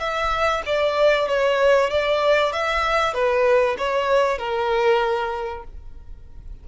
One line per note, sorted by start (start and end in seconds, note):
0.00 0.62 E5
0.66 1.28 D5
1.28 1.91 C#5
1.91 2.53 D5
2.53 3.14 E5
3.14 3.76 B4
3.78 4.39 C#5
4.39 5.64 A#4